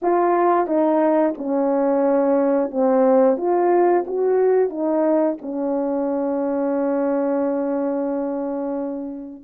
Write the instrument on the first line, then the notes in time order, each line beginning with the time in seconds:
horn
0.02 F4
0.66 D#4
1.37 C#4
2.70 C4
3.37 F4
4.06 F#4
4.69 D#4
5.41 C#4